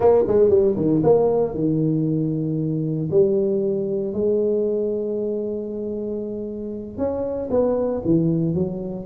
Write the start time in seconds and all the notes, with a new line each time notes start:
0.00 A#3
0.27 G#3
0.49 G3
0.76 D#3
1.03 A#3
1.54 D#3
3.10 G3
4.13 G#3
6.97 C#4
7.50 B3
8.04 E3
8.54 F#3